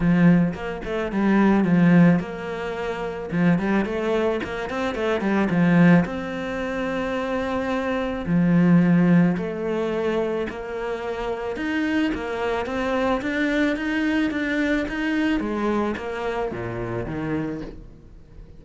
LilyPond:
\new Staff \with { instrumentName = "cello" } { \time 4/4 \tempo 4 = 109 f4 ais8 a8 g4 f4 | ais2 f8 g8 a4 | ais8 c'8 a8 g8 f4 c'4~ | c'2. f4~ |
f4 a2 ais4~ | ais4 dis'4 ais4 c'4 | d'4 dis'4 d'4 dis'4 | gis4 ais4 ais,4 dis4 | }